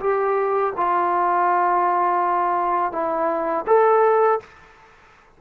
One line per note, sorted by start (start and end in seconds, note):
0.00 0.73 G4
0.76 2.92 F4
2.92 3.65 E4
3.67 4.40 A4